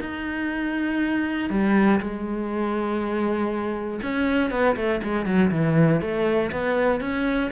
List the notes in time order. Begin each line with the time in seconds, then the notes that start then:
0.00 D#4
1.50 G3
2.00 G#3
4.02 C#4
4.51 B3
4.76 A3
5.03 G#3
5.26 F#3
5.51 E3
6.01 A3
6.52 B3
7.01 C#4